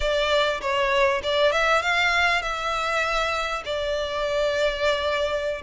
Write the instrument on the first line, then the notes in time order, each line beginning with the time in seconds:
violin
0.00 D5
0.61 C#5
1.23 D5
1.52 E5
1.82 F5
2.41 E5
3.65 D5